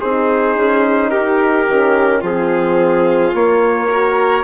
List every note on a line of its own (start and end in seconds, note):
0.00 0.56 C4
0.00 1.69 D#4
0.00 1.11 G#4
0.00 1.10 C5
0.56 1.12 C#4
1.10 1.67 D#4
1.10 2.21 G4
1.10 2.22 A#4
1.68 2.22 D#3
1.68 2.23 C#4
2.21 3.33 F3
2.21 3.33 C4
2.21 3.87 F4
2.21 3.35 G#4
3.33 3.88 A#3
3.33 4.44 A#3
3.33 4.44 C#5
3.88 4.44 F#4
3.88 4.44 A#4